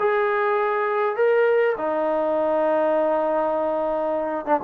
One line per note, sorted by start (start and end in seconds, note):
0.00 1.16 G#4
1.16 1.76 A#4
1.78 4.46 D#4
4.46 4.61 D4